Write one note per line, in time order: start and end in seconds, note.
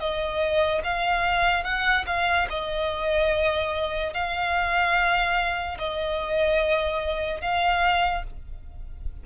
0.00 0.82 D#5
0.84 1.64 F5
1.64 2.05 F#5
2.07 2.48 F5
2.50 4.14 D#5
4.14 5.78 F5
5.79 7.42 D#5
7.42 8.24 F5